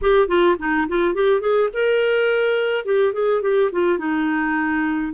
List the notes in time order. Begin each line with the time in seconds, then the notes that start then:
0.01 G4
0.28 F4
0.58 D#4
0.88 F4
1.14 G4
1.40 G#4
1.73 A#4
2.85 G4
3.13 G#4
3.41 G4
3.71 F4
3.98 D#4